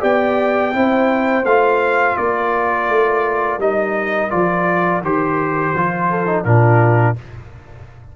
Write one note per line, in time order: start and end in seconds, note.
0.00 0.74 B3
0.00 0.71 G4
0.00 0.72 D5
0.00 1.45 G5
0.72 1.44 C4
0.72 1.43 E4
0.72 2.19 C5
1.44 2.16 A3
1.44 3.60 F4
1.44 2.17 F5
2.17 2.89 A#3
2.17 6.10 A#4
2.17 3.60 D5
2.89 3.58 A3
3.58 4.29 G3
3.58 4.30 D#4
3.58 4.30 D#5
4.30 5.02 F3
4.30 5.01 F4
4.30 5.01 D5
5.02 5.73 D#3
5.02 5.76 G4
5.02 6.44 C5
5.74 6.44 F3
5.74 6.26 F4
6.10 6.44 A4
6.26 6.44 D#4
6.44 7.16 A#2
6.44 7.16 D4
6.44 7.16 F4
6.44 7.15 A#4